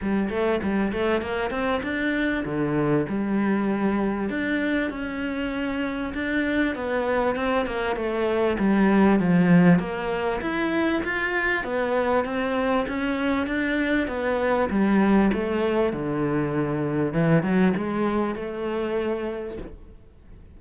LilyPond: \new Staff \with { instrumentName = "cello" } { \time 4/4 \tempo 4 = 98 g8 a8 g8 a8 ais8 c'8 d'4 | d4 g2 d'4 | cis'2 d'4 b4 | c'8 ais8 a4 g4 f4 |
ais4 e'4 f'4 b4 | c'4 cis'4 d'4 b4 | g4 a4 d2 | e8 fis8 gis4 a2 | }